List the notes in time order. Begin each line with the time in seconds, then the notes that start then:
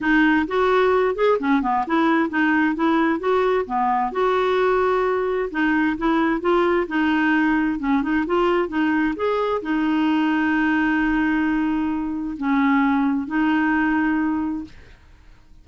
0.00 D#4
0.47 F#4
1.15 G#4
1.39 C#4
1.62 B3
1.87 E4
2.29 D#4
2.75 E4
3.19 F#4
3.66 B3
4.12 F#4
5.50 D#4
5.97 E4
6.41 F4
6.87 D#4
7.79 C#4
8.02 D#4
8.26 F4
8.68 D#4
9.15 G#4
9.62 D#4
12.37 C#4
13.27 D#4